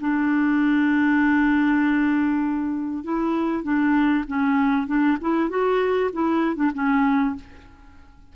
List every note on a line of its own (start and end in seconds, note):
0.00 3.04 D4
3.04 3.63 E4
3.63 4.25 D4
4.27 4.87 C#4
4.87 5.17 D4
5.21 5.49 E4
5.49 6.11 F#4
6.13 6.56 E4
6.56 6.71 D4
6.74 7.36 C#4